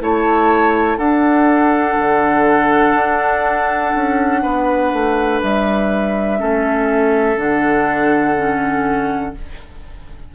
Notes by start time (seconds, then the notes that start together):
0.00 A3 E4 C#5 A5
0.97 D4 A4 F#5
1.99 D3
2.95 D4
3.95 C#4
4.43 B3 B4
4.93 A3
5.43 G3 E5
6.38 A3 C#4 A4
7.36 D3 D4 F#5
8.37 C#4